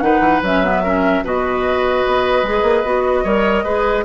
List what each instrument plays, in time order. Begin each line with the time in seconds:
0.00 bassoon D#3, clarinet D#4, oboe B4, flute F#5
0.20 bassoon E3
0.42 bassoon F#3, clarinet C#4, flute E5
0.63 clarinet B3
0.83 clarinet C#4, oboe A#4
1.23 bassoon B2, clarinet F#4, oboe B4, flute D#5
2.06 bassoon B3
2.43 bassoon G#3, clarinet G#4
2.62 bassoon A#3
2.84 bassoon B3, clarinet F#4
3.23 bassoon G3, clarinet A#4, oboe C#5
3.64 bassoon G#3, clarinet G#4, oboe B4